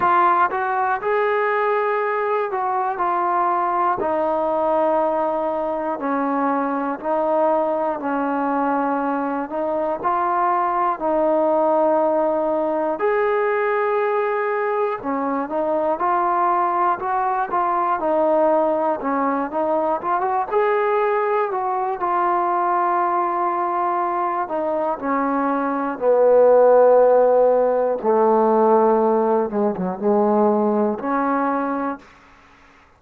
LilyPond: \new Staff \with { instrumentName = "trombone" } { \time 4/4 \tempo 4 = 60 f'8 fis'8 gis'4. fis'8 f'4 | dis'2 cis'4 dis'4 | cis'4. dis'8 f'4 dis'4~ | dis'4 gis'2 cis'8 dis'8 |
f'4 fis'8 f'8 dis'4 cis'8 dis'8 | f'16 fis'16 gis'4 fis'8 f'2~ | f'8 dis'8 cis'4 b2 | a4. gis16 fis16 gis4 cis'4 | }